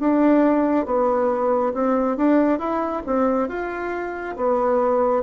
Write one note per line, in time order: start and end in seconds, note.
0.00 0.86 D4
0.86 1.73 B3
1.74 2.17 C4
2.17 2.59 D4
2.59 3.03 E4
3.06 3.49 C4
3.49 4.36 F4
4.36 5.23 B3